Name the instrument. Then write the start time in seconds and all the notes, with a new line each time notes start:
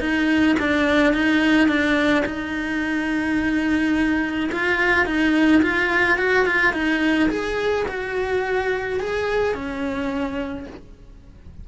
cello
0.00 D#4
0.60 D4
1.13 D#4
1.68 D4
2.26 D#4
4.52 F4
5.06 D#4
5.63 F4
6.18 F#4
6.46 F4
6.73 D#4
7.29 G#4
7.88 F#4
9.00 G#4
9.54 C#4